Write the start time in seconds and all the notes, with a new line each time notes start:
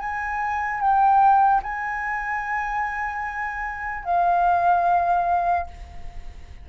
0.00 G#5
0.81 G5
1.63 G#5
4.05 F5